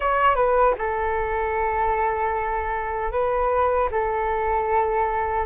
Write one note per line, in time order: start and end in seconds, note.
0.00 0.35 C#5
0.35 0.74 B4
0.78 3.11 A4
3.11 3.89 B4
3.91 5.46 A4